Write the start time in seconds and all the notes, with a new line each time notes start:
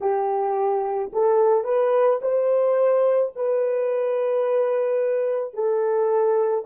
0.00 G4
1.12 A4
1.64 B4
2.21 C5
3.35 B4
5.53 A4